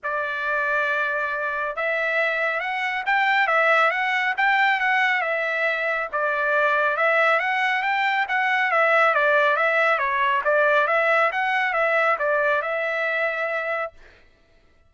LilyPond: \new Staff \with { instrumentName = "trumpet" } { \time 4/4 \tempo 4 = 138 d''1 | e''2 fis''4 g''4 | e''4 fis''4 g''4 fis''4 | e''2 d''2 |
e''4 fis''4 g''4 fis''4 | e''4 d''4 e''4 cis''4 | d''4 e''4 fis''4 e''4 | d''4 e''2. | }